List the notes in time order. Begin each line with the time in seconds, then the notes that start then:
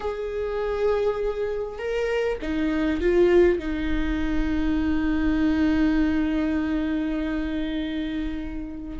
0.00 G#4
1.78 A#4
2.41 D#4
3.00 F4
3.58 D#4